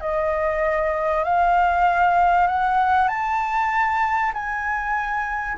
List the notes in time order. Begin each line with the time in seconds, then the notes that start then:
0.00 D#5
1.23 F5
2.47 F#5
3.08 A5
4.33 G#5